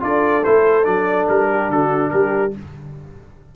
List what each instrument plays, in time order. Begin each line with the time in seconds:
0.00 tuba D4, trombone F4, horn A4, trumpet D5
0.44 tuba A3, trombone E4, trumpet C5
0.84 tuba F#3, trombone D4, trumpet D5
1.29 tuba G3, trumpet A#4
1.51 horn G4
1.70 tuba D3, horn F#4, trumpet A4
2.10 tuba G3, horn G4, trumpet A#4